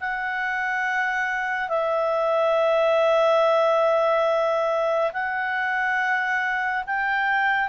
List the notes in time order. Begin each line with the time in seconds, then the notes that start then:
0.00 F#5
1.69 E5
5.12 F#5
6.86 G5